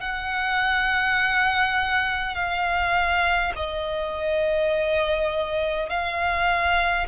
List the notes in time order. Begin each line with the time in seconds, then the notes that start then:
0.00 F#5
2.35 F5
3.56 D#5
5.89 F5